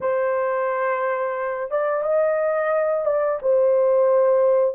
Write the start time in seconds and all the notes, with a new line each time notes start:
0.00 C5
1.70 D5
2.02 D#5
3.05 D5
3.42 C5